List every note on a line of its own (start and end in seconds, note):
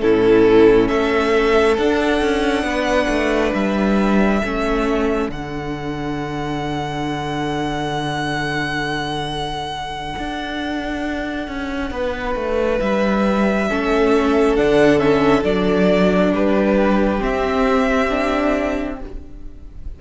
0.00 0.91 A2
0.00 1.76 C#4
0.00 0.88 E4
0.00 0.89 A4
0.88 1.78 A3
0.88 2.64 A4
0.88 1.77 E5
1.77 2.21 D4
1.77 4.44 D4
1.77 3.54 F#5
2.21 2.63 C#4
2.63 3.07 B3
2.63 4.41 B4
3.08 3.52 A3
3.54 4.42 G3
3.54 5.31 E5
4.41 5.29 A3
4.41 5.30 C#4
4.41 11.91 A4
5.29 10.14 D3
5.29 13.68 D4
5.29 12.80 F#5
10.19 11.48 D4
11.48 11.91 C#4
11.91 12.35 B3
11.91 13.69 B4
12.35 12.80 A3
12.80 13.70 G3
12.80 14.56 E5
13.69 14.59 A3
13.69 14.57 C#4
13.69 16.33 A4
14.56 15.44 D3
14.56 14.99 D4
14.56 14.99 F#5
14.99 15.43 C#4
14.99 15.44 E5
15.44 16.33 F#3
15.44 17.19 D4
15.44 16.33 D5
16.33 17.21 G3
16.33 18.99 G4
16.33 17.23 B4
17.19 18.08 C4
17.19 19.01 C4
17.19 18.99 E5
18.10 18.99 D4